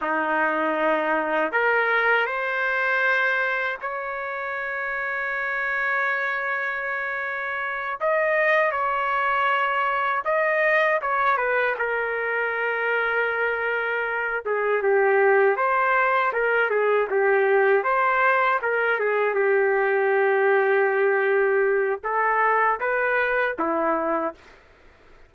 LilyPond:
\new Staff \with { instrumentName = "trumpet" } { \time 4/4 \tempo 4 = 79 dis'2 ais'4 c''4~ | c''4 cis''2.~ | cis''2~ cis''8 dis''4 cis''8~ | cis''4. dis''4 cis''8 b'8 ais'8~ |
ais'2. gis'8 g'8~ | g'8 c''4 ais'8 gis'8 g'4 c''8~ | c''8 ais'8 gis'8 g'2~ g'8~ | g'4 a'4 b'4 e'4 | }